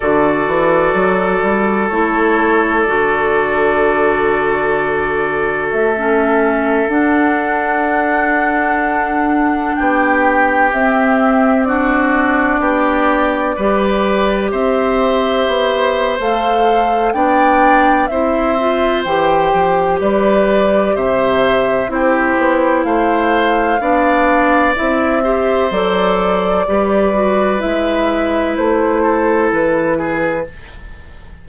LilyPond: <<
  \new Staff \with { instrumentName = "flute" } { \time 4/4 \tempo 4 = 63 d''2 cis''4 d''4~ | d''2 e''4~ e''16 fis''8.~ | fis''2~ fis''16 g''4 e''8.~ | e''16 d''2. e''8.~ |
e''4 f''4 g''4 e''4 | g''4 d''4 e''4 c''4 | f''2 e''4 d''4~ | d''4 e''4 c''4 b'4 | }
  \new Staff \with { instrumentName = "oboe" } { \time 4/4 a'1~ | a'1~ | a'2~ a'16 g'4.~ g'16~ | g'16 fis'4 g'4 b'4 c''8.~ |
c''2 d''4 c''4~ | c''4 b'4 c''4 g'4 | c''4 d''4. c''4. | b'2~ b'8 a'4 gis'8 | }
  \new Staff \with { instrumentName = "clarinet" } { \time 4/4 fis'2 e'4 fis'4~ | fis'2~ fis'16 cis'4 d'8.~ | d'2.~ d'16 c'8.~ | c'16 d'2 g'4.~ g'16~ |
g'4 a'4 d'4 e'8 f'8 | g'2. e'4~ | e'4 d'4 e'8 g'8 a'4 | g'8 fis'8 e'2. | }
  \new Staff \with { instrumentName = "bassoon" } { \time 4/4 d8 e8 fis8 g8 a4 d4~ | d2 a4~ a16 d'8.~ | d'2~ d'16 b4 c'8.~ | c'4~ c'16 b4 g4 c'8.~ |
c'16 b8. a4 b4 c'4 | e8 f8 g4 c4 c'8 b8 | a4 b4 c'4 fis4 | g4 gis4 a4 e4 | }
>>